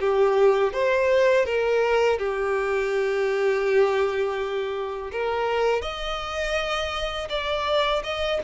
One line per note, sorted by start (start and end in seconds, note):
0.00 0.73 G4
0.74 1.46 C5
1.46 2.19 A#4
2.19 5.12 G4
5.12 5.82 A#4
5.82 7.28 D#5
7.30 8.03 D5
8.04 8.40 D#5